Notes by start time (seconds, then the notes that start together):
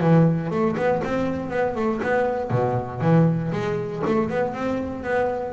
0.00 E3
0.50 A3
0.76 B3
1.04 C4
1.50 B3
1.75 A3
2.02 B3
2.50 B2
3.00 E3
3.52 G#3
4.06 A3
4.29 B3
4.53 C4
5.03 B3